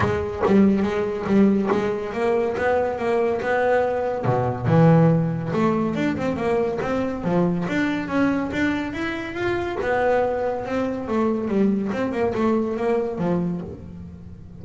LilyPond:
\new Staff \with { instrumentName = "double bass" } { \time 4/4 \tempo 4 = 141 gis4 g4 gis4 g4 | gis4 ais4 b4 ais4 | b2 b,4 e4~ | e4 a4 d'8 c'8 ais4 |
c'4 f4 d'4 cis'4 | d'4 e'4 f'4 b4~ | b4 c'4 a4 g4 | c'8 ais8 a4 ais4 f4 | }